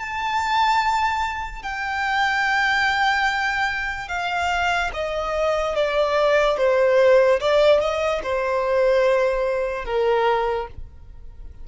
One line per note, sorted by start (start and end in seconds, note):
0.00 1.63 A5
1.63 4.08 G5
4.08 4.91 F5
4.94 5.76 D#5
5.76 6.58 D5
6.58 7.40 C5
7.40 7.80 D5
7.80 8.22 D#5
8.23 9.86 C5
9.86 10.68 A#4